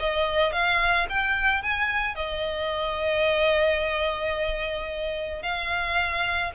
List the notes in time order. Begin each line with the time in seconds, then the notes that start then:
0.00 D#5
0.53 F5
1.10 G5
1.63 G#5
2.16 D#5
5.43 F5